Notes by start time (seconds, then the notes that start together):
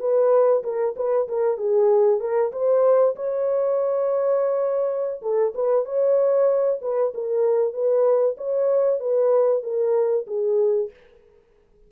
0.00 B4
0.64 A#4
0.96 B4
1.28 A#4
1.57 G#4
2.20 A#4
2.52 C5
3.16 C#5
5.22 A4
5.55 B4
5.85 C#5
6.82 B4
7.14 A#4
7.73 B4
8.37 C#5
9.00 B4
9.63 A#4
10.27 G#4